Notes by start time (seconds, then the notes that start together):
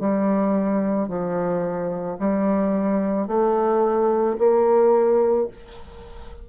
0.00 G3
1.08 F3
2.19 G3
3.28 A3
4.38 A#3